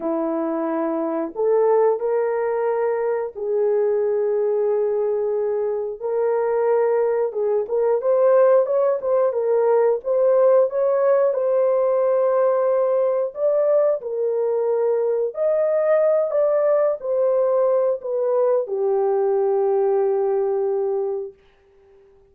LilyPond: \new Staff \with { instrumentName = "horn" } { \time 4/4 \tempo 4 = 90 e'2 a'4 ais'4~ | ais'4 gis'2.~ | gis'4 ais'2 gis'8 ais'8 | c''4 cis''8 c''8 ais'4 c''4 |
cis''4 c''2. | d''4 ais'2 dis''4~ | dis''8 d''4 c''4. b'4 | g'1 | }